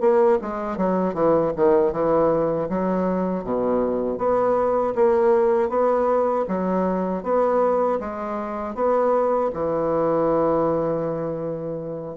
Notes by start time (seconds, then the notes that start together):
0.00 A#3
0.41 G#3
0.77 F#3
1.14 E3
1.56 D#3
1.92 E3
2.69 F#3
3.43 B2
4.18 B3
4.95 A#3
5.69 B3
6.48 F#3
7.23 B3
8.00 G#3
8.75 B3
9.53 E3